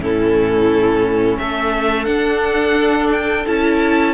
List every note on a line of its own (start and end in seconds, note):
0.00 1.38 A2
0.00 2.06 C#4
0.00 1.40 E4
0.00 1.39 A4
1.39 2.07 A3
1.39 4.14 A4
1.39 2.05 E5
2.05 3.44 D4
2.05 3.45 D4
2.05 3.08 F#5
3.12 3.46 G5
3.47 4.14 C#4
3.47 4.14 E4
3.47 4.14 A5